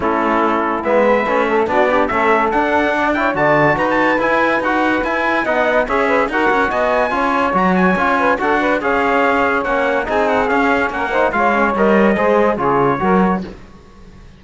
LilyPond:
<<
  \new Staff \with { instrumentName = "trumpet" } { \time 4/4 \tempo 4 = 143 a'2 e''2 | d''4 e''4 fis''4. g''8 | a''4 ais''16 a''8. gis''4 fis''4 | gis''4 fis''4 e''4 fis''4 |
gis''2 ais''8 gis''4. | fis''4 f''2 fis''4 | gis''8 fis''8 f''4 fis''4 f''4 | dis''2 cis''2 | }
  \new Staff \with { instrumentName = "saxophone" } { \time 4/4 e'2~ e'8 b'4 a'8 | fis'8 d'8 a'2 d''8 cis''8 | d''4 b'2.~ | b'4 dis''4 cis''8 b'8 ais'4 |
dis''4 cis''2~ cis''8 b'8 | a'8 b'8 cis''2. | gis'2 ais'8 c''8 cis''4~ | cis''4 c''4 gis'4 ais'4 | }
  \new Staff \with { instrumentName = "trombone" } { \time 4/4 cis'2 b4 cis'4 | d'8 g'8 cis'4 d'4. e'8 | fis'2 e'4 fis'4 | e'4 dis'4 gis'4 fis'4~ |
fis'4 f'4 fis'4 f'4 | fis'4 gis'2 cis'4 | dis'4 cis'4. dis'8 f'8 cis'8 | ais'4 gis'4 f'4 fis'4 | }
  \new Staff \with { instrumentName = "cello" } { \time 4/4 a2 gis4 a4 | b4 a4 d'2 | d4 dis'4 e'4 dis'4 | e'4 b4 cis'4 dis'8 cis'8 |
b4 cis'4 fis4 cis'4 | d'4 cis'2 ais4 | c'4 cis'4 ais4 gis4 | g4 gis4 cis4 fis4 | }
>>